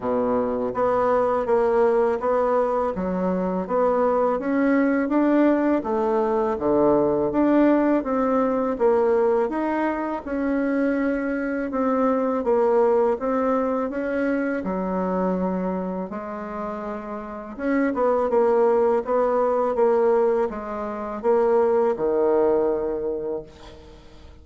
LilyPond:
\new Staff \with { instrumentName = "bassoon" } { \time 4/4 \tempo 4 = 82 b,4 b4 ais4 b4 | fis4 b4 cis'4 d'4 | a4 d4 d'4 c'4 | ais4 dis'4 cis'2 |
c'4 ais4 c'4 cis'4 | fis2 gis2 | cis'8 b8 ais4 b4 ais4 | gis4 ais4 dis2 | }